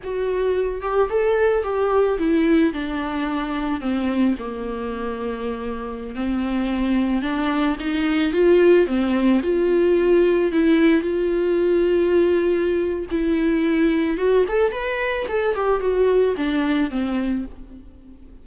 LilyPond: \new Staff \with { instrumentName = "viola" } { \time 4/4 \tempo 4 = 110 fis'4. g'8 a'4 g'4 | e'4 d'2 c'4 | ais2.~ ais16 c'8.~ | c'4~ c'16 d'4 dis'4 f'8.~ |
f'16 c'4 f'2 e'8.~ | e'16 f'2.~ f'8. | e'2 fis'8 a'8 b'4 | a'8 g'8 fis'4 d'4 c'4 | }